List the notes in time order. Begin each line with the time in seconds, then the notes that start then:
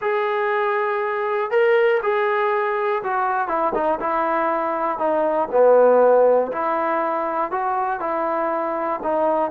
0.01 G#4
1.50 A#4
2.02 G#4
3.03 F#4
3.47 E4
3.74 D#4
4.00 E4
4.98 D#4
5.51 B3
6.52 E4
7.51 F#4
8.00 E4
9.03 D#4